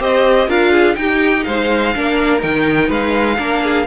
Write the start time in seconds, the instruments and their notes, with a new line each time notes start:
0.00 cello C4, viola G4, violin C5 D#5
0.48 cello D4, viola F4, violin A#4 F5
0.72 violin G#4
0.96 viola D#4, cello D#4, violin G4 G5
1.44 cello G#3, violin C5 F5
1.95 cello A#3, viola D4, violin A#4
2.40 cello D#3, viola D#4, violin G5
2.88 cello G#3, violin B4 F5
3.38 cello A#3, viola D4, violin A#4
3.64 violin G#4